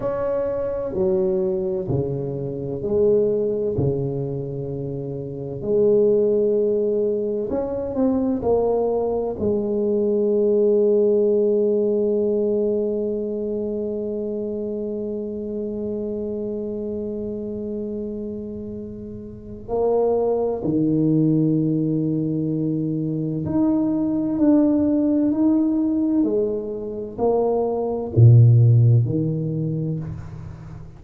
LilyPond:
\new Staff \with { instrumentName = "tuba" } { \time 4/4 \tempo 4 = 64 cis'4 fis4 cis4 gis4 | cis2 gis2 | cis'8 c'8 ais4 gis2~ | gis1~ |
gis1~ | gis4 ais4 dis2~ | dis4 dis'4 d'4 dis'4 | gis4 ais4 ais,4 dis4 | }